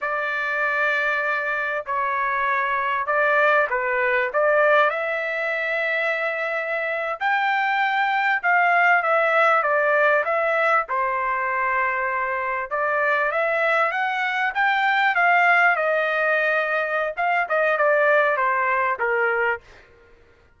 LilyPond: \new Staff \with { instrumentName = "trumpet" } { \time 4/4 \tempo 4 = 98 d''2. cis''4~ | cis''4 d''4 b'4 d''4 | e''2.~ e''8. g''16~ | g''4.~ g''16 f''4 e''4 d''16~ |
d''8. e''4 c''2~ c''16~ | c''8. d''4 e''4 fis''4 g''16~ | g''8. f''4 dis''2~ dis''16 | f''8 dis''8 d''4 c''4 ais'4 | }